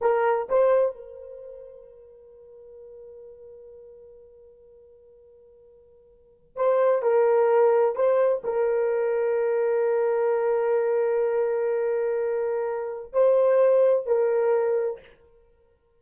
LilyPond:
\new Staff \with { instrumentName = "horn" } { \time 4/4 \tempo 4 = 128 ais'4 c''4 ais'2~ | ais'1~ | ais'1~ | ais'2 c''4 ais'4~ |
ais'4 c''4 ais'2~ | ais'1~ | ais'1 | c''2 ais'2 | }